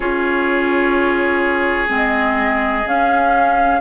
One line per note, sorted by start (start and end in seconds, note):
0.00 1.88 C#4
0.00 1.88 F4
0.00 3.80 G#4
0.00 1.89 C#5
1.88 2.84 G#3
1.88 2.83 C4
1.88 2.87 D#5
2.86 3.81 C#4
2.86 3.81 F5